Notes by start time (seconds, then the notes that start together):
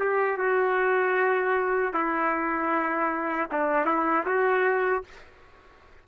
0.00 G4
0.38 F#4
1.93 E4
3.52 D4
3.86 E4
4.26 F#4